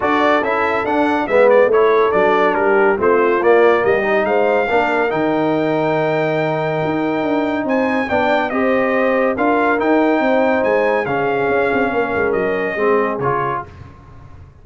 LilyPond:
<<
  \new Staff \with { instrumentName = "trumpet" } { \time 4/4 \tempo 4 = 141 d''4 e''4 fis''4 e''8 d''8 | cis''4 d''4 ais'4 c''4 | d''4 dis''4 f''2 | g''1~ |
g''2 gis''4 g''4 | dis''2 f''4 g''4~ | g''4 gis''4 f''2~ | f''4 dis''2 cis''4 | }
  \new Staff \with { instrumentName = "horn" } { \time 4/4 a'2. b'4 | a'2 g'4 f'4~ | f'4 g'4 c''4 ais'4~ | ais'1~ |
ais'2 c''4 d''4 | c''2 ais'2 | c''2 gis'2 | ais'2 gis'2 | }
  \new Staff \with { instrumentName = "trombone" } { \time 4/4 fis'4 e'4 d'4 b4 | e'4 d'2 c'4 | ais4. dis'4. d'4 | dis'1~ |
dis'2. d'4 | g'2 f'4 dis'4~ | dis'2 cis'2~ | cis'2 c'4 f'4 | }
  \new Staff \with { instrumentName = "tuba" } { \time 4/4 d'4 cis'4 d'4 gis4 | a4 fis4 g4 a4 | ais4 g4 gis4 ais4 | dis1 |
dis'4 d'4 c'4 b4 | c'2 d'4 dis'4 | c'4 gis4 cis4 cis'8 c'8 | ais8 gis8 fis4 gis4 cis4 | }
>>